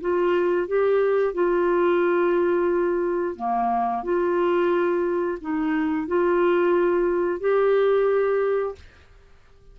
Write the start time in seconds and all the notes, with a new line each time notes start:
0.00 F4
0.67 G4
1.34 F4
3.36 A#3
4.03 F4
5.41 D#4
6.07 F4
7.40 G4